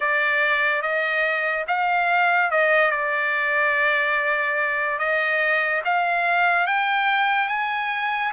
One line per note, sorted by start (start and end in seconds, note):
0.00 0.81 D5
0.81 1.65 D#5
1.67 2.50 F5
2.50 2.91 D#5
2.91 4.98 D5
4.98 5.82 D#5
5.84 6.66 F5
6.66 7.48 G5
7.48 8.31 G#5